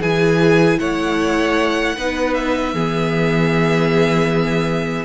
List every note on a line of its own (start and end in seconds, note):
0.00 0.78 E3
0.00 1.97 E4
0.00 0.79 G#4
0.00 0.79 G#5
0.79 1.97 A3
0.79 1.96 C#5
0.79 2.34 F#5
1.97 2.74 B3
1.97 2.75 D#4
1.97 2.74 B4
2.34 5.05 E5
2.74 5.05 E3
2.74 5.05 B3
2.74 5.05 G#4